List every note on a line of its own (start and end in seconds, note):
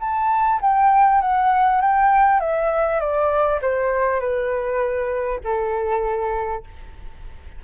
0.00 0.60 A5
0.62 1.21 G5
1.21 1.81 F#5
1.81 2.40 G5
2.40 3.00 E5
3.00 3.60 D5
3.62 4.20 C5
4.20 5.40 B4
5.44 6.64 A4